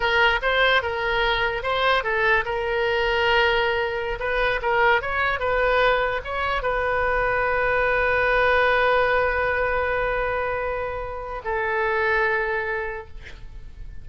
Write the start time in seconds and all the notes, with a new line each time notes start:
0.00 A#4
0.42 C5
0.82 A#4
1.63 C5
2.03 A4
2.45 A#4
4.19 B4
4.62 A#4
5.01 C#5
5.39 B4
6.24 C#5
6.62 B4
11.44 A4